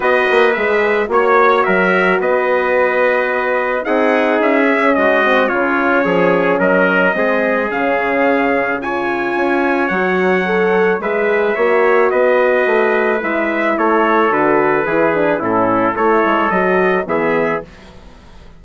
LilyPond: <<
  \new Staff \with { instrumentName = "trumpet" } { \time 4/4 \tempo 4 = 109 dis''4 e''4 cis''4 e''4 | dis''2. fis''4 | e''4 dis''4 cis''2 | dis''2 f''2 |
gis''2 fis''2 | e''2 dis''2 | e''4 cis''4 b'2 | a'4 cis''4 dis''4 e''4 | }
  \new Staff \with { instrumentName = "trumpet" } { \time 4/4 b'2 cis''4 ais'4 | b'2. gis'4~ | gis'4 fis'4 f'4 gis'4 | ais'4 gis'2. |
cis''1 | b'4 cis''4 b'2~ | b'4 a'2 gis'4 | e'4 a'2 gis'4 | }
  \new Staff \with { instrumentName = "horn" } { \time 4/4 fis'4 gis'4 fis'2~ | fis'2. dis'4~ | dis'8 cis'4 c'8 cis'2~ | cis'4 c'4 cis'2 |
f'2 fis'4 a'4 | gis'4 fis'2. | e'2 fis'4 e'8 d'8 | cis'4 e'4 fis'4 b4 | }
  \new Staff \with { instrumentName = "bassoon" } { \time 4/4 b8 ais8 gis4 ais4 fis4 | b2. c'4 | cis'4 gis4 cis4 f4 | fis4 gis4 cis2~ |
cis4 cis'4 fis2 | gis4 ais4 b4 a4 | gis4 a4 d4 e4 | a,4 a8 gis8 fis4 e4 | }
>>